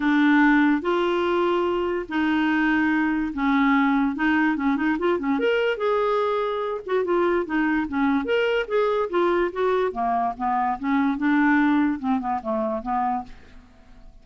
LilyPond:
\new Staff \with { instrumentName = "clarinet" } { \time 4/4 \tempo 4 = 145 d'2 f'2~ | f'4 dis'2. | cis'2 dis'4 cis'8 dis'8 | f'8 cis'8 ais'4 gis'2~ |
gis'8 fis'8 f'4 dis'4 cis'4 | ais'4 gis'4 f'4 fis'4 | ais4 b4 cis'4 d'4~ | d'4 c'8 b8 a4 b4 | }